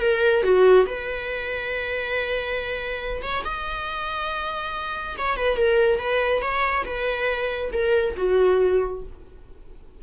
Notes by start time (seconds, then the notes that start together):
0.00 A#4
0.43 F#4
0.86 B4
3.22 C#5
3.44 D#5
5.18 C#5
5.36 B4
5.56 A#4
5.99 B4
6.41 C#5
6.85 B4
7.72 A#4
8.16 F#4